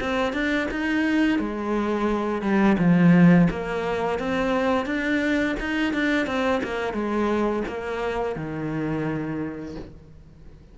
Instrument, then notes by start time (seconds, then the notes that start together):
cello
0.00 C4
0.33 D4
0.71 D#4
1.39 G#3
2.42 G3
2.78 F3
3.50 A#3
4.19 C4
4.86 D4
5.60 D#4
5.93 D4
6.27 C4
6.63 A#3
6.93 G#3
7.67 A#3
8.36 D#3